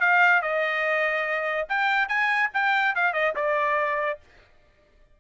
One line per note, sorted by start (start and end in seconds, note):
0.00 0.42 F5
0.42 1.68 D#5
1.69 2.08 G5
2.08 2.50 G#5
2.54 2.95 G5
2.95 3.14 F5
3.14 3.35 D#5
3.36 4.20 D5